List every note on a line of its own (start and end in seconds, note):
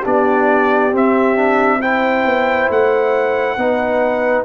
0.00 0.92 B3
0.00 0.91 D4
0.00 1.76 G4
0.06 0.94 D5
0.92 2.24 C4
0.92 1.36 C4
0.92 1.81 E5
1.36 1.80 D4
1.81 3.57 E4
1.81 3.57 C5
1.81 2.69 G5
2.25 2.69 B3
2.69 3.56 A3
2.69 4.44 F#5
3.56 4.44 B3
3.56 4.44 D#4
3.56 4.44 B4